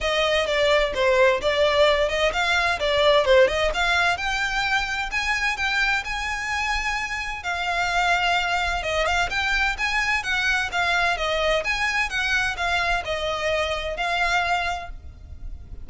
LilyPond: \new Staff \with { instrumentName = "violin" } { \time 4/4 \tempo 4 = 129 dis''4 d''4 c''4 d''4~ | d''8 dis''8 f''4 d''4 c''8 dis''8 | f''4 g''2 gis''4 | g''4 gis''2. |
f''2. dis''8 f''8 | g''4 gis''4 fis''4 f''4 | dis''4 gis''4 fis''4 f''4 | dis''2 f''2 | }